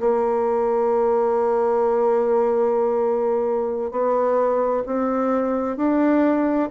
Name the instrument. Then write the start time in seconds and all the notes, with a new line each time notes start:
bassoon
0.00 A#3
3.91 B3
4.86 C4
5.77 D4